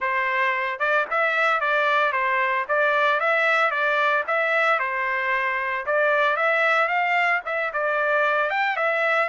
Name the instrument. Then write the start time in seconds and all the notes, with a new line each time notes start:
trumpet
0.00 C5
0.79 D5
1.10 E5
1.60 D5
2.12 C5
2.68 D5
3.20 E5
3.70 D5
4.27 E5
4.79 C5
5.86 D5
6.36 E5
6.88 F5
7.45 E5
7.73 D5
8.50 G5
8.76 E5